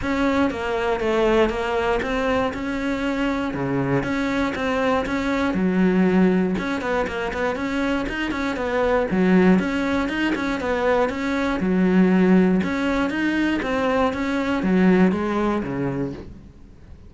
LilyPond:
\new Staff \with { instrumentName = "cello" } { \time 4/4 \tempo 4 = 119 cis'4 ais4 a4 ais4 | c'4 cis'2 cis4 | cis'4 c'4 cis'4 fis4~ | fis4 cis'8 b8 ais8 b8 cis'4 |
dis'8 cis'8 b4 fis4 cis'4 | dis'8 cis'8 b4 cis'4 fis4~ | fis4 cis'4 dis'4 c'4 | cis'4 fis4 gis4 cis4 | }